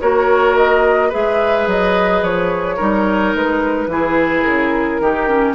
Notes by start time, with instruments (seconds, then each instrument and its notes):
0.00 bassoon A#3, clarinet F#4, oboe A#4, flute C#5
0.56 flute D#5
1.09 bassoon G#3, clarinet G#4, oboe B4, flute E5
1.67 bassoon F#3, flute D#5
2.22 bassoon F3, flute C#5
2.76 bassoon G3, clarinet D#4, oboe A#4
3.34 bassoon G#3, flute B4
3.87 bassoon E3, clarinet E4, oboe G#4
4.43 bassoon C#3, flute A#4
5.00 bassoon D#3, clarinet D#4, oboe G4
5.29 clarinet C#4